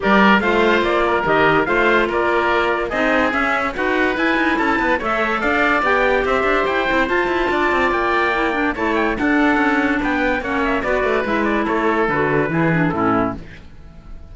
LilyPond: <<
  \new Staff \with { instrumentName = "trumpet" } { \time 4/4 \tempo 4 = 144 d''4 f''4 d''4 dis''4 | f''4 d''2 dis''4 | e''4 fis''4 gis''4 a''4 | e''4 f''4 g''4 e''4 |
g''4 a''2 g''4~ | g''4 a''8 g''8 fis''2 | g''4 fis''8 e''8 d''4 e''8 d''8 | cis''4 b'2 a'4 | }
  \new Staff \with { instrumentName = "oboe" } { \time 4/4 ais'4 c''4. ais'4. | c''4 ais'2 gis'4~ | gis'4 b'2 a'8 b'8 | cis''4 d''2 c''4~ |
c''2 d''2~ | d''4 cis''4 a'2 | b'4 cis''4 b'2 | a'2 gis'4 e'4 | }
  \new Staff \with { instrumentName = "clarinet" } { \time 4/4 g'4 f'2 g'4 | f'2. dis'4 | cis'4 fis'4 e'2 | a'2 g'2~ |
g'8 e'8 f'2. | e'8 d'8 e'4 d'2~ | d'4 cis'4 fis'4 e'4~ | e'4 fis'4 e'8 d'8 cis'4 | }
  \new Staff \with { instrumentName = "cello" } { \time 4/4 g4 a4 ais4 dis4 | a4 ais2 c'4 | cis'4 dis'4 e'8 dis'8 cis'8 b8 | a4 d'4 b4 c'8 d'8 |
e'8 c'8 f'8 e'8 d'8 c'8 ais4~ | ais4 a4 d'4 cis'4 | b4 ais4 b8 a8 gis4 | a4 d4 e4 a,4 | }
>>